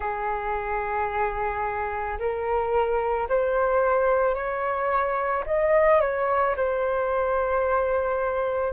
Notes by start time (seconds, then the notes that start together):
0.00 G#4
2.19 A#4
3.28 C5
4.34 C#5
5.45 D#5
6.00 C#5
6.56 C5